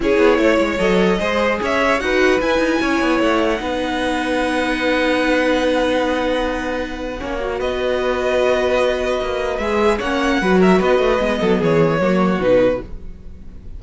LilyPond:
<<
  \new Staff \with { instrumentName = "violin" } { \time 4/4 \tempo 4 = 150 cis''2 dis''2 | e''4 fis''4 gis''2 | fis''1~ | fis''1~ |
fis''2. dis''4~ | dis''1 | e''4 fis''4. e''8 dis''4~ | dis''4 cis''2 b'4 | }
  \new Staff \with { instrumentName = "violin" } { \time 4/4 gis'4 cis''2 c''4 | cis''4 b'2 cis''4~ | cis''4 b'2.~ | b'1~ |
b'2 cis''4 b'4~ | b'1~ | b'4 cis''4 b'8 ais'8 b'4~ | b'8 a'8 gis'4 fis'2 | }
  \new Staff \with { instrumentName = "viola" } { \time 4/4 e'2 a'4 gis'4~ | gis'4 fis'4 e'2~ | e'4 dis'2.~ | dis'1~ |
dis'2 cis'8 fis'4.~ | fis'1 | gis'4 cis'4 fis'2 | b2 ais4 dis'4 | }
  \new Staff \with { instrumentName = "cello" } { \time 4/4 cis'8 b8 a8 gis8 fis4 gis4 | cis'4 dis'4 e'8 dis'8 cis'8 b8 | a4 b2.~ | b1~ |
b2 ais4 b4~ | b2. ais4 | gis4 ais4 fis4 b8 a8 | gis8 fis8 e4 fis4 b,4 | }
>>